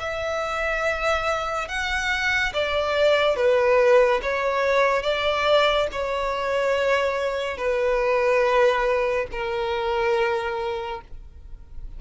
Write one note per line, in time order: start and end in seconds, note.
0.00 1.68 E5
1.68 2.53 F#5
2.54 3.36 D5
3.36 4.21 B4
4.23 5.03 C#5
5.03 5.87 D5
5.92 7.57 C#5
7.57 9.27 B4
9.32 11.01 A#4